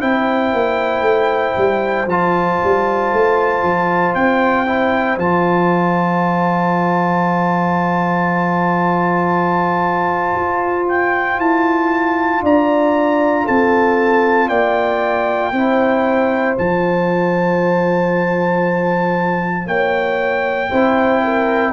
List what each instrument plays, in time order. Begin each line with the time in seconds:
0.00 tuba C4, trombone E4, horn C5, trumpet G5
0.53 tuba A#3
1.02 tuba A3
1.58 tuba G3
2.06 tuba F3, trombone F4, trumpet A5
2.64 tuba G3
3.13 tuba A3
3.63 tuba F3
4.15 tuba C4, trumpet G5
4.66 trombone E4
5.17 tuba F3, trombone F4, trumpet A5
10.35 tuba F4
10.89 trumpet G5
11.39 tuba E4, trumpet A5
12.43 tuba D4, horn D5, trumpet A#5
13.45 tuba C4, horn A4, trumpet A5
14.48 tuba A#3, horn D5, trumpet G5
15.52 tuba C4, trombone E4, horn C5
16.57 tuba F3, trombone F4, trumpet A5
19.66 tuba A#3, horn C#5, trumpet G5
20.70 tuba C4, trombone E4, horn C5
21.24 horn A#4